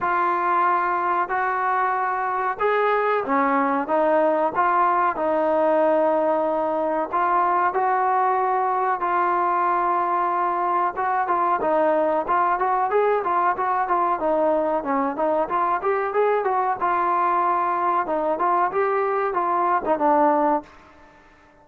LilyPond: \new Staff \with { instrumentName = "trombone" } { \time 4/4 \tempo 4 = 93 f'2 fis'2 | gis'4 cis'4 dis'4 f'4 | dis'2. f'4 | fis'2 f'2~ |
f'4 fis'8 f'8 dis'4 f'8 fis'8 | gis'8 f'8 fis'8 f'8 dis'4 cis'8 dis'8 | f'8 g'8 gis'8 fis'8 f'2 | dis'8 f'8 g'4 f'8. dis'16 d'4 | }